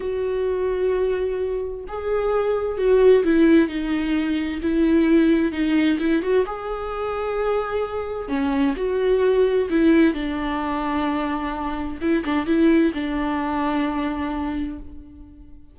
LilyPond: \new Staff \with { instrumentName = "viola" } { \time 4/4 \tempo 4 = 130 fis'1 | gis'2 fis'4 e'4 | dis'2 e'2 | dis'4 e'8 fis'8 gis'2~ |
gis'2 cis'4 fis'4~ | fis'4 e'4 d'2~ | d'2 e'8 d'8 e'4 | d'1 | }